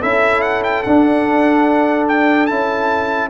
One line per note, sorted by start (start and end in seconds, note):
0.00 0.85 C#4
0.00 0.84 E4
0.00 3.29 A4
0.00 0.41 E5
0.41 0.62 F#5
0.63 0.83 G5
0.83 2.50 D4
0.83 2.48 D4
0.83 2.06 F#5
2.08 2.46 G5
2.46 3.30 C#4
2.46 3.30 E4
2.46 3.28 A5